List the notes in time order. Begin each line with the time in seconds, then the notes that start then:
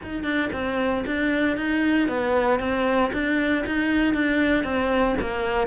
0.03 D#4
0.23 D4
0.52 C4
1.06 D4
1.56 D#4
2.08 B3
2.59 C4
3.12 D4
3.66 D#4
4.14 D4
4.63 C4
5.20 A#3